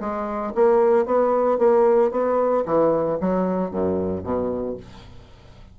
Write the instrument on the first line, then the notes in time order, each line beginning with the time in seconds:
bassoon
0.00 G#3
0.55 A#3
1.06 B3
1.59 A#3
2.11 B3
2.66 E3
3.21 F#3
3.71 F#2
4.24 B2